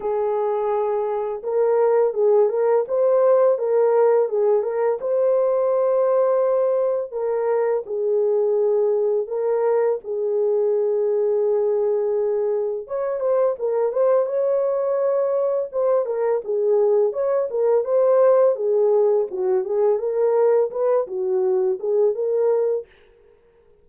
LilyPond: \new Staff \with { instrumentName = "horn" } { \time 4/4 \tempo 4 = 84 gis'2 ais'4 gis'8 ais'8 | c''4 ais'4 gis'8 ais'8 c''4~ | c''2 ais'4 gis'4~ | gis'4 ais'4 gis'2~ |
gis'2 cis''8 c''8 ais'8 c''8 | cis''2 c''8 ais'8 gis'4 | cis''8 ais'8 c''4 gis'4 fis'8 gis'8 | ais'4 b'8 fis'4 gis'8 ais'4 | }